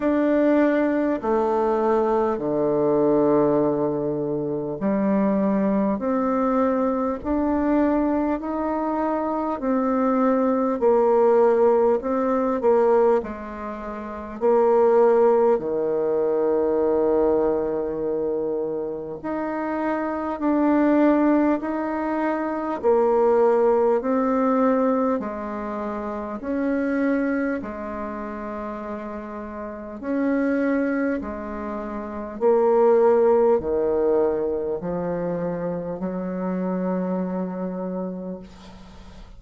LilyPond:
\new Staff \with { instrumentName = "bassoon" } { \time 4/4 \tempo 4 = 50 d'4 a4 d2 | g4 c'4 d'4 dis'4 | c'4 ais4 c'8 ais8 gis4 | ais4 dis2. |
dis'4 d'4 dis'4 ais4 | c'4 gis4 cis'4 gis4~ | gis4 cis'4 gis4 ais4 | dis4 f4 fis2 | }